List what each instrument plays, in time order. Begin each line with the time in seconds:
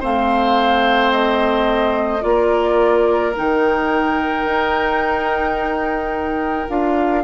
0.00 bassoon A3, clarinet C4, oboe C5, flute F5
1.12 flute D#5
2.21 bassoon A#3, clarinet F4, flute D5
2.28 oboe A#4
3.37 bassoon D#3, clarinet D#4, flute G5
4.45 bassoon D#4
6.68 bassoon D4, clarinet F4, flute F5